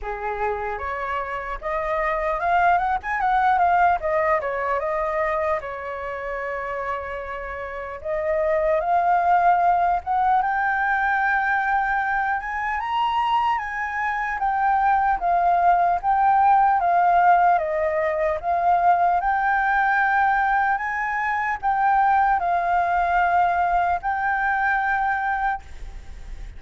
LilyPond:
\new Staff \with { instrumentName = "flute" } { \time 4/4 \tempo 4 = 75 gis'4 cis''4 dis''4 f''8 fis''16 gis''16 | fis''8 f''8 dis''8 cis''8 dis''4 cis''4~ | cis''2 dis''4 f''4~ | f''8 fis''8 g''2~ g''8 gis''8 |
ais''4 gis''4 g''4 f''4 | g''4 f''4 dis''4 f''4 | g''2 gis''4 g''4 | f''2 g''2 | }